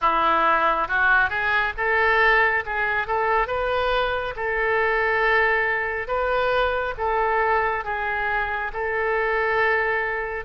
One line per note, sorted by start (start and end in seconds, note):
0.01 0.87 E4
0.87 1.29 F#4
1.29 1.73 G#4
1.77 2.64 A4
2.65 3.07 G#4
3.07 3.47 A4
3.47 4.34 B4
4.36 6.07 A4
6.07 6.94 B4
6.97 7.84 A4
7.84 8.71 G#4
8.73 10.45 A4